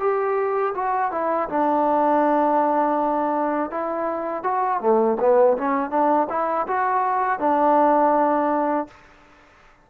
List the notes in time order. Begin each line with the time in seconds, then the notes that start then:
0.00 G4
0.75 F#4
1.12 E4
1.49 D4
3.71 E4
4.44 F#4
4.81 A3
5.20 B3
5.59 C#4
5.91 D4
6.30 E4
6.68 F#4
7.40 D4